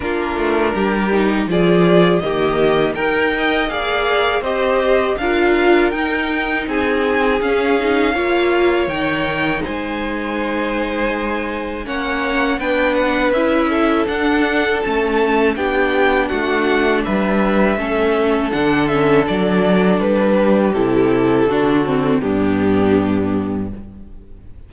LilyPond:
<<
  \new Staff \with { instrumentName = "violin" } { \time 4/4 \tempo 4 = 81 ais'2 d''4 dis''4 | g''4 f''4 dis''4 f''4 | g''4 gis''4 f''2 | g''4 gis''2. |
fis''4 g''8 fis''8 e''4 fis''4 | a''4 g''4 fis''4 e''4~ | e''4 fis''8 e''8 d''4 b'4 | a'2 g'2 | }
  \new Staff \with { instrumentName = "violin" } { \time 4/4 f'4 g'4 gis'4 g'4 | ais'8 dis''8 d''4 c''4 ais'4~ | ais'4 gis'2 cis''4~ | cis''4 c''2. |
cis''4 b'4. a'4.~ | a'4 g'4 fis'4 b'4 | a'2.~ a'8 g'8~ | g'4 fis'4 d'2 | }
  \new Staff \with { instrumentName = "viola" } { \time 4/4 d'4. dis'8 f'4 ais4 | ais'4 gis'4 g'4 f'4 | dis'2 cis'8 dis'8 f'4 | dis'1 |
cis'4 d'4 e'4 d'4 | cis'4 d'2. | cis'4 d'8 cis'8 d'2 | e'4 d'8 c'8 b2 | }
  \new Staff \with { instrumentName = "cello" } { \time 4/4 ais8 a8 g4 f4 dis4 | dis'4 ais4 c'4 d'4 | dis'4 c'4 cis'4 ais4 | dis4 gis2. |
ais4 b4 cis'4 d'4 | a4 b4 a4 g4 | a4 d4 fis4 g4 | c4 d4 g,2 | }
>>